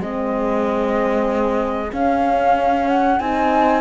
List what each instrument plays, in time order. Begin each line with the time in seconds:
0.00 cello G#3, horn C4, saxophone G#4, flute D#5
1.90 horn C#4, cello C#4, flute F5
2.88 flute F#5
3.19 cello C4, horn D#4, flute G#5